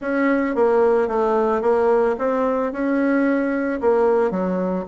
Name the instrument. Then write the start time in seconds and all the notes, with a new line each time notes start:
bassoon
0.01 C#4
0.55 A#3
1.08 A3
1.61 A#3
2.18 C4
2.72 C#4
3.80 A#3
4.30 F#3